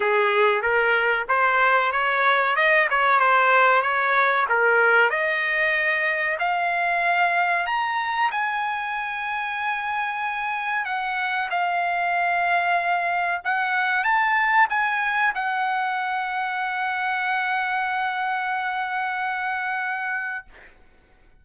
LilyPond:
\new Staff \with { instrumentName = "trumpet" } { \time 4/4 \tempo 4 = 94 gis'4 ais'4 c''4 cis''4 | dis''8 cis''8 c''4 cis''4 ais'4 | dis''2 f''2 | ais''4 gis''2.~ |
gis''4 fis''4 f''2~ | f''4 fis''4 a''4 gis''4 | fis''1~ | fis''1 | }